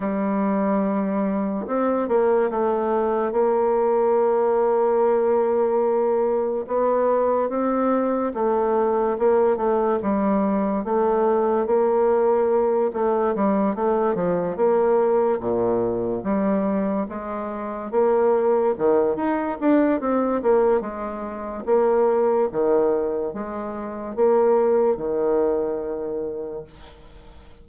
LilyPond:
\new Staff \with { instrumentName = "bassoon" } { \time 4/4 \tempo 4 = 72 g2 c'8 ais8 a4 | ais1 | b4 c'4 a4 ais8 a8 | g4 a4 ais4. a8 |
g8 a8 f8 ais4 ais,4 g8~ | g8 gis4 ais4 dis8 dis'8 d'8 | c'8 ais8 gis4 ais4 dis4 | gis4 ais4 dis2 | }